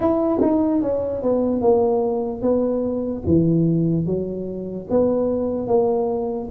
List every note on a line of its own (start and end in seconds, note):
0.00 0.40 E4
0.41 0.81 D#4
0.82 1.22 C#4
1.22 1.61 B3
1.61 2.41 A#3
2.41 3.22 B3
3.26 4.06 E3
4.06 4.87 F#3
4.89 5.67 B3
5.67 6.48 A#3